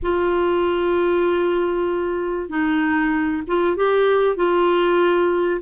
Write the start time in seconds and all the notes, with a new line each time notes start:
0.02 F4
2.49 D#4
3.47 F4
3.76 G4
4.36 F4